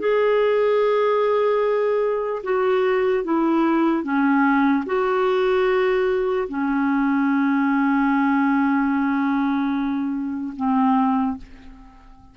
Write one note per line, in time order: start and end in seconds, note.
0.00 2.43 G#4
2.44 3.25 F#4
3.25 4.04 E4
4.04 4.85 C#4
4.86 6.49 F#4
6.49 10.54 C#4
10.57 11.38 C4